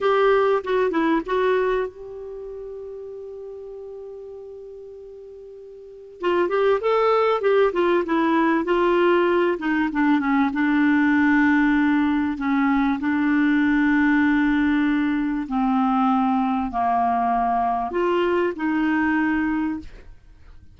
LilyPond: \new Staff \with { instrumentName = "clarinet" } { \time 4/4 \tempo 4 = 97 g'4 fis'8 e'8 fis'4 g'4~ | g'1~ | g'2 f'8 g'8 a'4 | g'8 f'8 e'4 f'4. dis'8 |
d'8 cis'8 d'2. | cis'4 d'2.~ | d'4 c'2 ais4~ | ais4 f'4 dis'2 | }